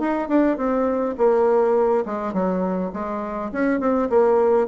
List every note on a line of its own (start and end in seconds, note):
0.00 0.29 D#4
0.29 0.57 D4
0.57 1.16 C4
1.18 2.05 A#3
2.06 2.34 G#3
2.34 2.92 F#3
2.93 3.52 G#3
3.53 3.80 C#4
3.80 4.09 C4
4.10 4.68 A#3